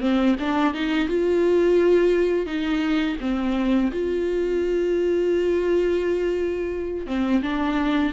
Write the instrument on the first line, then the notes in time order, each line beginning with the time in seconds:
viola
0.00 C4
0.39 D4
0.73 D#4
1.08 F4
2.46 D#4
3.20 C4
3.91 F4
7.06 C4
7.41 D4